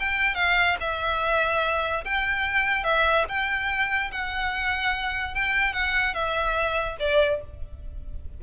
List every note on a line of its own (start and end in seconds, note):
0.00 0.35 G5
0.35 0.77 F5
0.80 2.04 E5
2.05 2.84 G5
2.84 3.25 E5
3.29 4.12 G5
4.12 5.35 F#5
5.35 5.73 G5
5.73 6.15 F#5
6.15 6.97 E5
7.00 7.41 D5